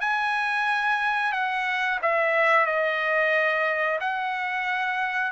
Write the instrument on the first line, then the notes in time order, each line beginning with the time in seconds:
trumpet
0.00 G#5
1.32 F#5
2.02 E5
2.66 D#5
4.00 F#5